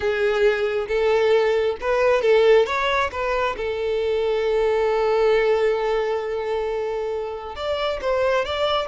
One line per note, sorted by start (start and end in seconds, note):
0.00 0.86 G#4
0.87 1.76 A4
1.80 2.21 B4
2.21 2.65 A4
2.65 3.10 C#5
3.11 3.56 B4
3.56 7.55 A4
7.55 8.00 D5
8.01 8.45 C5
8.45 8.87 D5